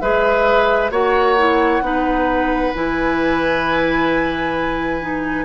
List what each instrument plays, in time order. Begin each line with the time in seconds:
0.00 bassoon G#3, clarinet G#4, oboe B4, flute E5
0.91 bassoon A#3, clarinet F#4, oboe C#5, flute F#5
1.37 clarinet E4
1.81 bassoon B3, clarinet D#4, oboe B4
2.74 bassoon E3, clarinet E4, flute G#5
5.01 clarinet D#4